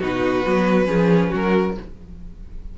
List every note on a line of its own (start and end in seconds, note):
0.00 0.46 B2
0.00 0.45 D#4
0.00 0.88 F#4
0.00 1.34 B4
0.46 0.88 F#3
0.46 0.86 B3
0.86 1.32 F3
0.86 1.73 C#4
0.86 1.30 G#4
1.30 1.78 F#3
1.30 1.74 F#4
1.30 1.78 A#4